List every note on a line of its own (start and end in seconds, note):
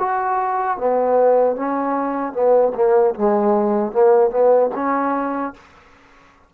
0.00 0.78 F#4
0.78 1.56 B3
1.56 2.33 C#4
2.33 2.73 B3
2.75 3.15 A#3
3.15 3.92 G#3
3.92 4.31 A#3
4.31 4.70 B3
4.75 5.54 C#4